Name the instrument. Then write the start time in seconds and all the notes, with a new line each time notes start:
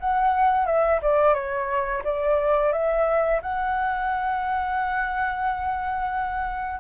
flute
0.00 F#5
0.66 E5
1.02 D5
1.34 C#5
2.04 D5
2.72 E5
3.42 F#5